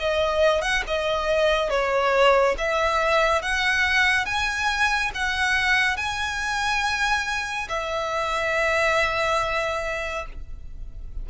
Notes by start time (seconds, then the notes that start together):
0.00 D#5
0.62 F#5
0.88 D#5
1.71 C#5
2.59 E5
3.42 F#5
4.26 G#5
5.15 F#5
5.97 G#5
7.69 E5